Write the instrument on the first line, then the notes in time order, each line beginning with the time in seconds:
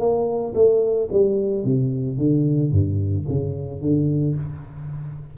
tuba
0.00 A#3
0.55 A3
1.12 G3
1.65 C3
2.18 D3
2.72 G2
3.29 C#3
3.82 D3